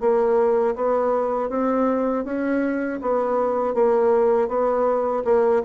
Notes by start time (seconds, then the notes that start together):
0.00 A#3
0.76 B3
1.50 C4
2.25 C#4
3.02 B3
3.74 A#3
4.48 B3
5.25 A#3